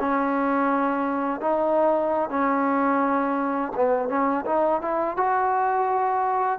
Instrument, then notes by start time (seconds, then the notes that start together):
trombone
0.00 C#4
1.41 D#4
2.30 C#4
3.76 B3
4.09 C#4
4.46 D#4
4.82 E4
5.17 F#4